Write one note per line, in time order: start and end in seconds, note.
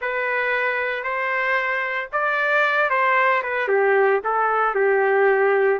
0.01 1.03 B4
1.03 2.09 C5
2.12 2.89 D5
2.89 3.42 C5
3.42 3.68 B4
3.68 4.20 G4
4.23 4.74 A4
4.74 5.79 G4